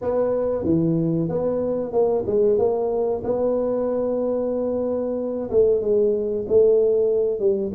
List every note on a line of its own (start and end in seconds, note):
0.01 0.64 B3
0.64 1.28 E3
1.28 1.92 B3
1.92 2.24 A#3
2.26 2.58 G#3
2.58 3.23 A#3
3.24 5.50 B3
5.50 5.81 A3
5.81 6.45 G#3
6.48 7.39 A3
7.39 7.71 G3